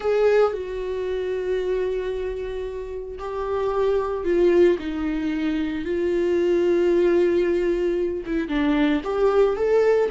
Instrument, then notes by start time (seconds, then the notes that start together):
viola
0.00 G#4
0.52 F#4
3.18 G4
4.24 F4
4.79 D#4
5.85 F4
8.26 E4
8.48 D4
9.03 G4
9.56 A4